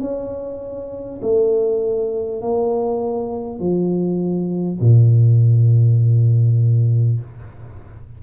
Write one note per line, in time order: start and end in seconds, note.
0.00 1.20 C#4
1.21 2.41 A3
2.41 3.59 A#3
3.59 4.79 F3
4.80 7.20 A#2